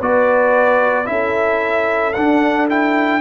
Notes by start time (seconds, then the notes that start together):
0.00 B3 F#4 B4 D5
1.06 C#4 E4 A4 E5
2.13 D4 F#5
2.70 E4 G5